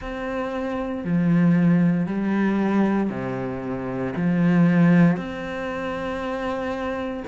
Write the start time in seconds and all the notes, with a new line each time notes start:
0.01 C4
1.04 F3
2.06 G3
3.09 C3
4.16 F3
5.16 C4